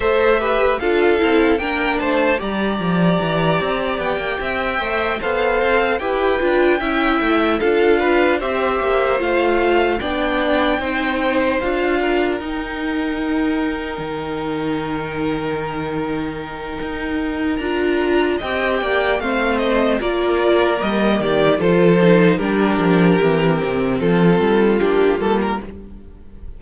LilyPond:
<<
  \new Staff \with { instrumentName = "violin" } { \time 4/4 \tempo 4 = 75 e''4 f''4 g''8 a''8 ais''4~ | ais''4 g''4. f''4 g''8~ | g''4. f''4 e''4 f''8~ | f''8 g''2 f''4 g''8~ |
g''1~ | g''2 ais''4 g''4 | f''8 dis''8 d''4 dis''8 d''8 c''4 | ais'2 a'4 g'8 a'16 ais'16 | }
  \new Staff \with { instrumentName = "violin" } { \time 4/4 c''8 b'8 a'4 ais'8 c''8 d''4~ | d''4. e''4 c''4 b'8~ | b'8 e''4 a'8 b'8 c''4.~ | c''8 d''4 c''4. ais'4~ |
ais'1~ | ais'2. dis''8 d''8 | c''4 ais'4. g'8 a'4 | g'2 f'2 | }
  \new Staff \with { instrumentName = "viola" } { \time 4/4 a'8 g'8 f'8 e'8 d'4 g'4~ | g'2 c''8 a'4 g'8 | f'8 e'4 f'4 g'4 f'8~ | f'8 d'4 dis'4 f'4 dis'8~ |
dis'1~ | dis'2 f'4 g'4 | c'4 f'4 ais4 f'8 dis'8 | d'4 c'2 d'8 ais8 | }
  \new Staff \with { instrumentName = "cello" } { \time 4/4 a4 d'8 c'8 ais8 a8 g8 f8 | e8 c'8 b16 ais16 c'8 a8 b8 c'8 e'8 | d'8 cis'8 a8 d'4 c'8 ais8 a8~ | a8 b4 c'4 d'4 dis'8~ |
dis'4. dis2~ dis8~ | dis4 dis'4 d'4 c'8 ais8 | a4 ais4 g8 dis8 f4 | g8 f8 e8 c8 f8 g8 ais8 g8 | }
>>